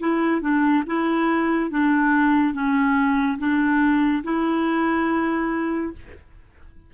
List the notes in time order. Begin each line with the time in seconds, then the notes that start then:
0.00 E4
0.41 D4
0.87 E4
1.71 D4
2.54 C#4
3.39 D4
4.24 E4